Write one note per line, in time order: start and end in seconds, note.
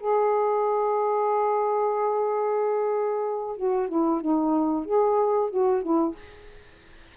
0.00 3.57 G#4
3.57 3.88 F#4
3.88 4.21 E4
4.21 4.85 D#4
4.85 5.50 G#4
5.50 5.83 F#4
5.83 6.15 E4